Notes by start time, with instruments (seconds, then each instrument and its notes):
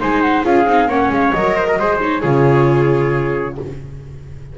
0.00 double bass G#3, viola D#4, trumpet C5, flute G#5
0.21 flute F#5
0.44 double bass C#4, viola F4, trumpet G#4, flute F5
0.66 double bass C4, viola D#4
0.86 double bass A#3, viola C#4, trumpet C#5, flute F#5
1.10 double bass G#3, flute F5
1.32 double bass F#3, viola A#4, flute D#5
1.56 trumpet C5
1.68 trumpet A#4
1.79 double bass G#3, viola G#4, trumpet C5
2.00 viola D#4, flute C#5
2.22 double bass C#3, viola F4, trumpet G#4